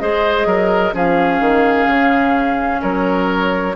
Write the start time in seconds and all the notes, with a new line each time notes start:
0.00 G#3 G#4 C5 D#5
0.46 F#3 A#4
0.93 F3 C#4 G#4 F5
1.41 D#3
1.88 C#3
2.82 F#3 A#4 C#5